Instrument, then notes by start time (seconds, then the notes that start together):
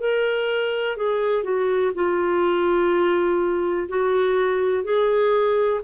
clarinet
0.00 A#4
0.97 G#4
1.43 F#4
1.95 F4
3.89 F#4
4.84 G#4